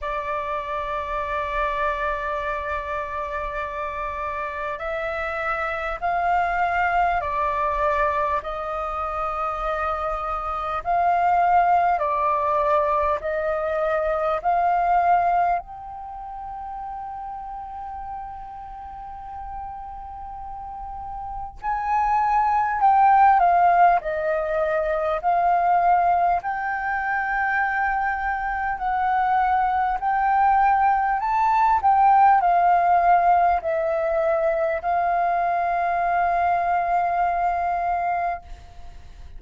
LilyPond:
\new Staff \with { instrumentName = "flute" } { \time 4/4 \tempo 4 = 50 d''1 | e''4 f''4 d''4 dis''4~ | dis''4 f''4 d''4 dis''4 | f''4 g''2.~ |
g''2 gis''4 g''8 f''8 | dis''4 f''4 g''2 | fis''4 g''4 a''8 g''8 f''4 | e''4 f''2. | }